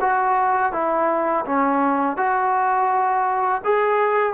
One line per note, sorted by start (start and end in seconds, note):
0.00 0.72 F#4
0.72 1.45 E4
1.45 2.17 C#4
2.17 3.61 F#4
3.64 4.33 G#4